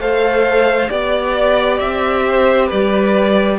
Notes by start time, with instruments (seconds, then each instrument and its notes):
0.00 cello A3, viola A4, violin C5 F5
0.89 cello B3, viola G4, violin D5
1.79 cello C4, violin E5
2.29 violin C5
2.67 cello G3, violin B4 D5